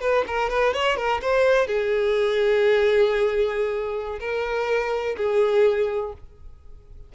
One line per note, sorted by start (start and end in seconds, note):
0.00 0.24 B4
0.27 0.49 A#4
0.49 0.73 B4
0.73 0.96 C#5
0.96 1.20 A#4
1.21 1.67 C5
1.67 4.19 G#4
4.19 5.15 A#4
5.16 6.12 G#4